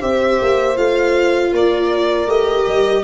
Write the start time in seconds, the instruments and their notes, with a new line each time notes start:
0.00 tuba C4, viola G4, horn C5, violin E5
0.41 tuba A#3
0.76 tuba A3, viola F4, violin F5
1.52 tuba A#3, horn A#4, violin D5
2.27 tuba A3, viola G4, violin D#5
2.67 tuba G3